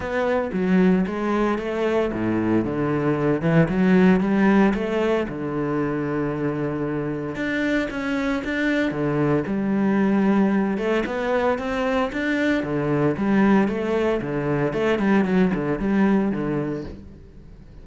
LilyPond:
\new Staff \with { instrumentName = "cello" } { \time 4/4 \tempo 4 = 114 b4 fis4 gis4 a4 | a,4 d4. e8 fis4 | g4 a4 d2~ | d2 d'4 cis'4 |
d'4 d4 g2~ | g8 a8 b4 c'4 d'4 | d4 g4 a4 d4 | a8 g8 fis8 d8 g4 d4 | }